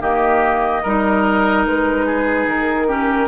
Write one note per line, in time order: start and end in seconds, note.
0.00 0.82 D#3
0.00 0.83 A#3
0.00 0.83 G4
0.00 1.65 D#5
0.83 1.65 G3
0.83 2.88 D#4
0.83 2.06 A#4
1.65 2.46 G#3
1.65 2.48 B4
2.06 2.87 G#4
2.46 3.28 D#3
2.46 3.28 A#4
2.87 3.28 C#4
2.87 3.28 G4